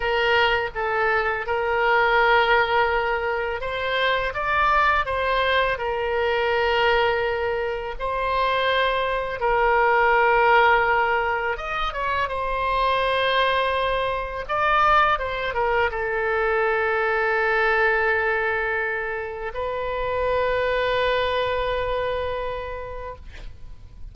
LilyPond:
\new Staff \with { instrumentName = "oboe" } { \time 4/4 \tempo 4 = 83 ais'4 a'4 ais'2~ | ais'4 c''4 d''4 c''4 | ais'2. c''4~ | c''4 ais'2. |
dis''8 cis''8 c''2. | d''4 c''8 ais'8 a'2~ | a'2. b'4~ | b'1 | }